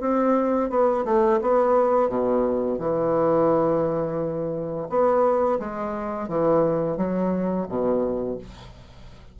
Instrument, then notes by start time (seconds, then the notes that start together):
bassoon
0.00 C4
0.70 B3
1.05 A3
1.41 B3
2.09 B2
2.78 E3
4.89 B3
5.59 G#3
6.28 E3
6.97 F#3
7.68 B2